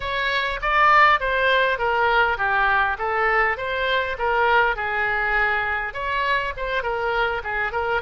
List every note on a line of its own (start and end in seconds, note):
0.00 0.59 C#5
0.61 1.20 D5
1.20 1.78 C5
1.78 2.37 A#4
2.37 2.97 G4
2.98 3.57 A4
3.57 4.16 C5
4.18 4.76 A#4
4.76 5.93 G#4
5.93 6.53 C#5
6.56 6.82 C5
6.82 7.42 A#4
7.43 7.72 G#4
7.72 8.01 A#4